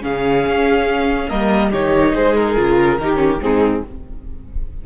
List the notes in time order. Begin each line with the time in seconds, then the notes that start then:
0.00 C#3 C#4 G#4 F5
0.47 C#4
1.28 G3 A#3 A#4 D#5
1.71 D#3 D#4 G4 C#5
2.14 G#3 G#4 C5
2.36 A#4
2.56 C#3 F4
2.99 D#3 D#4 G4
3.15 C#4
3.40 G#2 C4 D#4 G#4